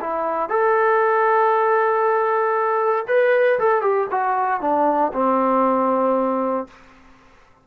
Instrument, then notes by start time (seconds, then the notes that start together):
trombone
0.00 E4
0.49 A4
3.07 B4
3.59 A4
3.81 G4
4.11 F#4
4.61 D4
5.13 C4